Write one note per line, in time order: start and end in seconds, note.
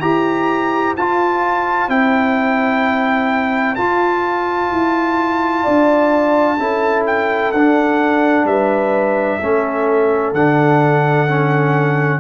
0.00 0.96 E4
0.00 0.95 G4
0.00 5.62 C5
0.00 0.94 A#5
0.96 1.88 F4
0.96 1.89 F4
0.96 1.90 A5
1.88 3.76 C4
1.88 3.77 E4
1.88 3.75 G5
3.75 6.58 F4
3.75 4.71 F4
3.75 7.03 A5
4.72 5.66 E4
5.63 6.59 D4
5.63 6.57 D5
6.59 7.52 C#4
6.59 7.53 E4
6.59 8.47 A4
7.07 7.52 G5
7.52 8.44 D4
7.52 9.41 D4
7.52 8.46 F#5
8.44 9.38 G3
8.44 9.40 B4
8.44 10.34 E5
9.40 10.32 A3
9.40 10.35 C#4
9.40 12.20 A4
10.32 12.20 D3
10.32 11.28 D4
10.32 12.20 F#5
11.28 12.20 C#4